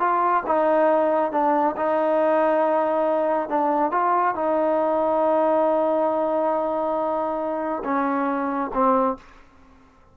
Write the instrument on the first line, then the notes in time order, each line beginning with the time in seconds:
trombone
0.00 F4
0.46 D#4
1.32 D4
1.77 D#4
3.49 D4
3.92 F4
4.35 D#4
7.84 C#4
8.74 C4